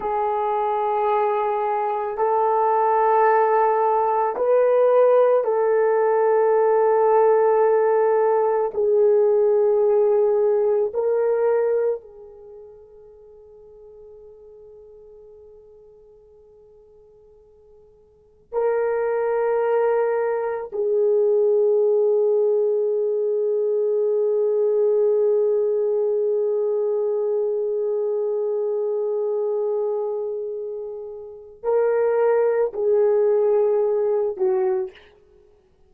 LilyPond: \new Staff \with { instrumentName = "horn" } { \time 4/4 \tempo 4 = 55 gis'2 a'2 | b'4 a'2. | gis'2 ais'4 gis'4~ | gis'1~ |
gis'4 ais'2 gis'4~ | gis'1~ | gis'1~ | gis'4 ais'4 gis'4. fis'8 | }